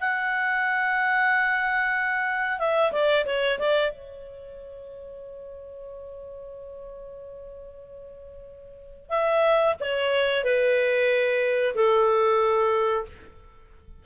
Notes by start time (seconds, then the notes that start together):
0.00 F#5
2.59 E5
2.92 D5
3.26 C#5
3.59 D5
3.91 C#5
9.09 E5
9.80 C#5
10.44 B4
11.75 A4